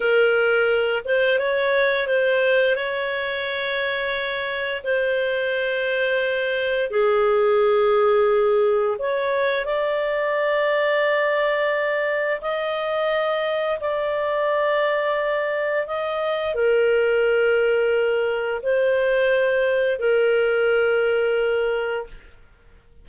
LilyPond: \new Staff \with { instrumentName = "clarinet" } { \time 4/4 \tempo 4 = 87 ais'4. c''8 cis''4 c''4 | cis''2. c''4~ | c''2 gis'2~ | gis'4 cis''4 d''2~ |
d''2 dis''2 | d''2. dis''4 | ais'2. c''4~ | c''4 ais'2. | }